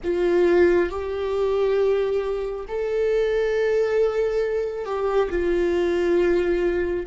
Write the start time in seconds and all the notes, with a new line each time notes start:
0.03 F4
0.89 G4
2.68 A4
4.85 G4
5.29 F4